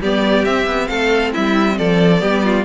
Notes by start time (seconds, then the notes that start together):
0.00 G3 B3 G4 D5
0.45 C4 E5
0.66 B3
0.88 A3 A4 F5
1.33 G3 E4 E5
1.78 F3 A4 D5
2.19 G3 B3 G4
2.44 F4